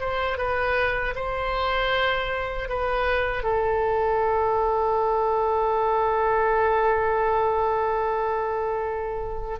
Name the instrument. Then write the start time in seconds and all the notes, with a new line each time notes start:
oboe
0.00 C5
0.38 B4
1.15 C5
2.69 B4
3.44 A4